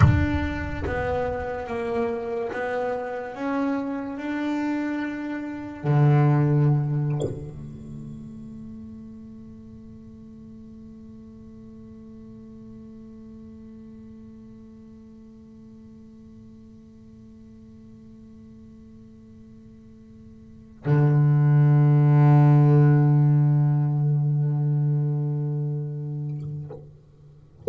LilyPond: \new Staff \with { instrumentName = "double bass" } { \time 4/4 \tempo 4 = 72 d'4 b4 ais4 b4 | cis'4 d'2 d4~ | d4 a2.~ | a1~ |
a1~ | a1~ | a4 d2.~ | d1 | }